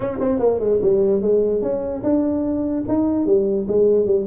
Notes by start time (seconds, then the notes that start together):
0.00 C#4
0.19 C4
0.39 A#3
0.59 G#3
0.81 G3
1.21 G#3
1.62 C#4
2.03 D4
2.88 D#4
3.26 G3
3.67 G#3
4.05 G3